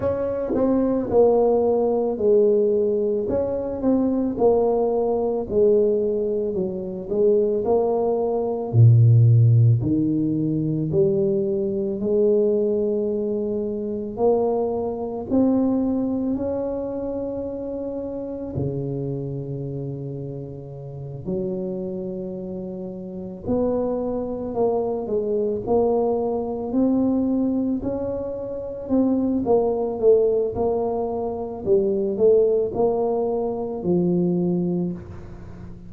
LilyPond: \new Staff \with { instrumentName = "tuba" } { \time 4/4 \tempo 4 = 55 cis'8 c'8 ais4 gis4 cis'8 c'8 | ais4 gis4 fis8 gis8 ais4 | ais,4 dis4 g4 gis4~ | gis4 ais4 c'4 cis'4~ |
cis'4 cis2~ cis8 fis8~ | fis4. b4 ais8 gis8 ais8~ | ais8 c'4 cis'4 c'8 ais8 a8 | ais4 g8 a8 ais4 f4 | }